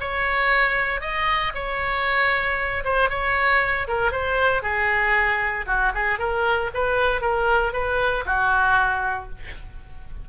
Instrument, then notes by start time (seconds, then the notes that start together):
oboe
0.00 C#5
1.01 D#5
1.55 C#5
2.84 C5
3.10 C#5
3.88 A#4
4.12 C5
4.63 G#4
5.67 F#4
5.95 G#4
6.19 A#4
6.74 B4
7.22 A#4
7.73 B4
8.26 F#4